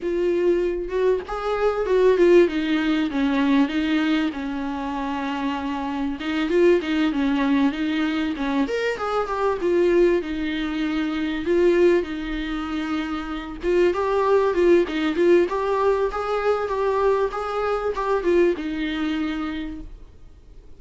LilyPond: \new Staff \with { instrumentName = "viola" } { \time 4/4 \tempo 4 = 97 f'4. fis'8 gis'4 fis'8 f'8 | dis'4 cis'4 dis'4 cis'4~ | cis'2 dis'8 f'8 dis'8 cis'8~ | cis'8 dis'4 cis'8 ais'8 gis'8 g'8 f'8~ |
f'8 dis'2 f'4 dis'8~ | dis'2 f'8 g'4 f'8 | dis'8 f'8 g'4 gis'4 g'4 | gis'4 g'8 f'8 dis'2 | }